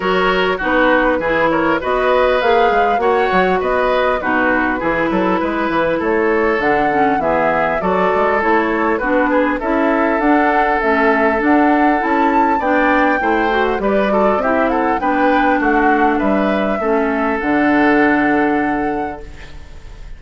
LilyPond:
<<
  \new Staff \with { instrumentName = "flute" } { \time 4/4 \tempo 4 = 100 cis''4 b'4. cis''8 dis''4 | f''4 fis''4 dis''4 b'4~ | b'2 cis''4 fis''4 | e''4 d''4 cis''4 b'4 |
e''4 fis''4 e''4 fis''4 | a''4 g''4.~ g''16 fis''16 d''4 | e''8 fis''8 g''4 fis''4 e''4~ | e''4 fis''2. | }
  \new Staff \with { instrumentName = "oboe" } { \time 4/4 ais'4 fis'4 gis'8 ais'8 b'4~ | b'4 cis''4 b'4 fis'4 | gis'8 a'8 b'4 a'2 | gis'4 a'2 fis'8 gis'8 |
a'1~ | a'4 d''4 c''4 b'8 a'8 | g'8 a'8 b'4 fis'4 b'4 | a'1 | }
  \new Staff \with { instrumentName = "clarinet" } { \time 4/4 fis'4 dis'4 e'4 fis'4 | gis'4 fis'2 dis'4 | e'2. d'8 cis'8 | b4 fis'4 e'4 d'4 |
e'4 d'4 cis'4 d'4 | e'4 d'4 e'8 fis'8 g'8 fis'8 | e'4 d'2. | cis'4 d'2. | }
  \new Staff \with { instrumentName = "bassoon" } { \time 4/4 fis4 b4 e4 b4 | ais8 gis8 ais8 fis8 b4 b,4 | e8 fis8 gis8 e8 a4 d4 | e4 fis8 gis8 a4 b4 |
cis'4 d'4 a4 d'4 | cis'4 b4 a4 g4 | c'4 b4 a4 g4 | a4 d2. | }
>>